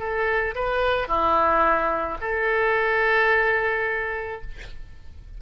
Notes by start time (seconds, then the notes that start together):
0.00 A4
0.56 B4
1.08 E4
2.22 A4